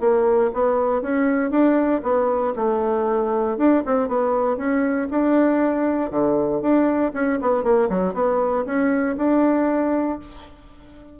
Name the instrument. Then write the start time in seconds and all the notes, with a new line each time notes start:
bassoon
0.00 A#3
0.53 B3
1.02 C#4
1.50 D4
2.03 B3
2.56 A3
3.57 D4
3.86 C4
4.08 B3
4.57 C#4
5.10 D4
6.10 D3
6.61 D4
7.13 C#4
7.41 B3
7.63 A#3
7.89 F#3
8.14 B3
8.65 C#4
9.17 D4